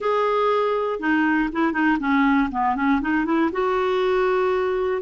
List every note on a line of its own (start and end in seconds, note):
0.00 0.99 G#4
0.99 1.49 D#4
1.52 1.72 E4
1.72 1.97 D#4
1.99 2.49 C#4
2.51 2.75 B3
2.75 3.00 C#4
3.01 3.25 D#4
3.25 3.50 E4
3.52 5.02 F#4